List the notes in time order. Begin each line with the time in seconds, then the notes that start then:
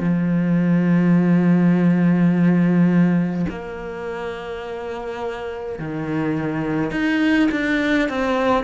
0.00 F3
3.50 A#3
5.79 D#3
6.91 D#4
7.52 D4
8.09 C4